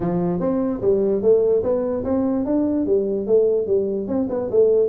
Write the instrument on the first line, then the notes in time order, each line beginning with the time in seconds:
tuba
0.00 F3
0.40 C4
0.81 G3
1.22 A3
1.63 B3
2.04 C4
2.45 D4
2.86 G3
3.26 A3
3.66 G3
4.07 C4
4.29 B3
4.50 A3